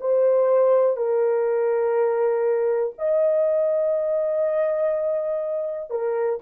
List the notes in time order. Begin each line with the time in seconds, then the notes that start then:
0.00 C5
0.96 A#4
2.98 D#5
5.90 A#4